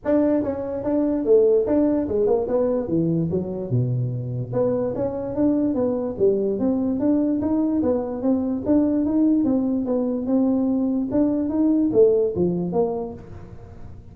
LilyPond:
\new Staff \with { instrumentName = "tuba" } { \time 4/4 \tempo 4 = 146 d'4 cis'4 d'4 a4 | d'4 gis8 ais8 b4 e4 | fis4 b,2 b4 | cis'4 d'4 b4 g4 |
c'4 d'4 dis'4 b4 | c'4 d'4 dis'4 c'4 | b4 c'2 d'4 | dis'4 a4 f4 ais4 | }